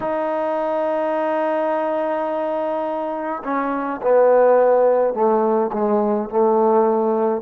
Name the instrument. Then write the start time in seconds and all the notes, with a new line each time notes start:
trombone
0.00 D#4
3.43 C#4
4.02 B3
5.14 A3
5.72 G#3
6.29 A3